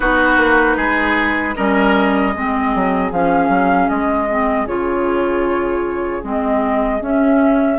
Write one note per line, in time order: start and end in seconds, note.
0.00 0.37 B3
0.00 1.54 D#4
0.00 0.76 F#4
0.00 1.55 B4
0.37 0.76 A#3
0.76 1.54 G#3
0.76 1.54 G#4
1.55 2.35 G3
1.55 2.34 C#4
1.55 2.33 A#4
1.55 3.11 D#5
2.33 2.74 G#3
2.33 3.12 C4
2.33 7.79 G#4
2.75 3.11 F#3
3.11 3.48 F3
3.11 4.29 C#4
3.11 3.88 F5
3.48 3.87 F#3
3.88 4.67 G#3
3.88 4.66 D#5
4.29 4.67 C4
4.67 6.22 C#3
4.67 6.22 F4
4.67 6.23 C#5
6.22 7.00 G#3
6.22 7.00 C4
6.22 7.02 D#5
7.00 7.78 C#4
7.00 7.79 E5